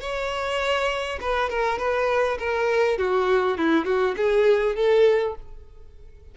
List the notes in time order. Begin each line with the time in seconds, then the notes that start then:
0.00 C#5
1.20 B4
1.49 A#4
1.78 B4
2.38 A#4
2.98 F#4
3.58 E4
3.85 F#4
4.16 G#4
4.76 A4